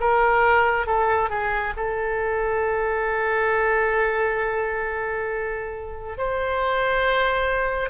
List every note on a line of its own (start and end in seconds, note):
0.00 0.86 A#4
0.86 1.29 A4
1.29 1.73 G#4
1.76 6.17 A4
6.17 7.90 C5